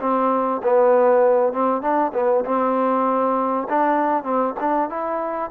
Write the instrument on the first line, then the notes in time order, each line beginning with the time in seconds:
trombone
0.00 C4
0.63 B3
1.53 C4
1.81 D4
2.13 B3
2.45 C4
3.68 D4
4.23 C4
4.60 D4
4.89 E4